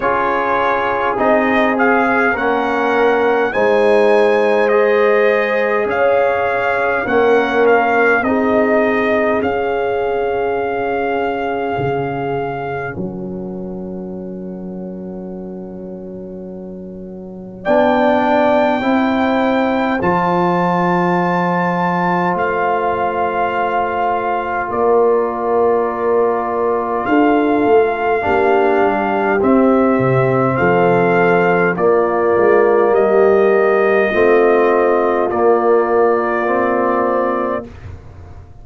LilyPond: <<
  \new Staff \with { instrumentName = "trumpet" } { \time 4/4 \tempo 4 = 51 cis''4 dis''8 f''8 fis''4 gis''4 | dis''4 f''4 fis''8 f''8 dis''4 | f''2. fis''4~ | fis''2. g''4~ |
g''4 a''2 f''4~ | f''4 d''2 f''4~ | f''4 e''4 f''4 d''4 | dis''2 d''2 | }
  \new Staff \with { instrumentName = "horn" } { \time 4/4 gis'2 ais'4 c''4~ | c''4 cis''4 ais'4 gis'4~ | gis'2. ais'4~ | ais'2. d''4 |
c''1~ | c''4 ais'2 a'4 | g'2 a'4 f'4 | g'4 f'2. | }
  \new Staff \with { instrumentName = "trombone" } { \time 4/4 f'4 dis'8 gis'8 cis'4 dis'4 | gis'2 cis'4 dis'4 | cis'1~ | cis'2. d'4 |
e'4 f'2.~ | f'1 | d'4 c'2 ais4~ | ais4 c'4 ais4 c'4 | }
  \new Staff \with { instrumentName = "tuba" } { \time 4/4 cis'4 c'4 ais4 gis4~ | gis4 cis'4 ais4 c'4 | cis'2 cis4 fis4~ | fis2. b4 |
c'4 f2 a4~ | a4 ais2 d'8 a8 | ais8 g8 c'8 c8 f4 ais8 gis8 | g4 a4 ais2 | }
>>